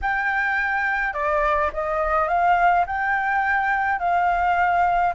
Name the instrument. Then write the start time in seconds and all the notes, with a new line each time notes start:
flute
0.01 G5
1.13 D5
1.73 D#5
2.28 F5
2.86 G5
3.99 F5